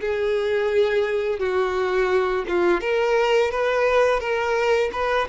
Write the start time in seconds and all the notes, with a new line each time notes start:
0.00 G#4
1.39 F#4
2.48 F4
2.80 A#4
3.51 B4
4.19 A#4
4.92 B4